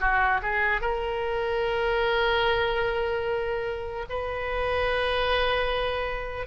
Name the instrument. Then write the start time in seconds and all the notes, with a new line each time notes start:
oboe
0.00 F#4
0.42 G#4
0.81 A#4
4.09 B4